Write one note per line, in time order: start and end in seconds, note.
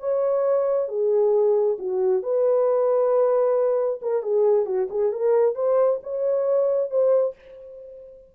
0.00 0.88 C#5
0.88 1.77 G#4
1.79 2.23 F#4
2.23 4.00 B4
4.02 4.23 A#4
4.23 4.66 G#4
4.66 4.88 F#4
4.90 5.12 G#4
5.12 5.55 A#4
5.55 6.00 C5
6.03 6.91 C#5
6.91 7.35 C5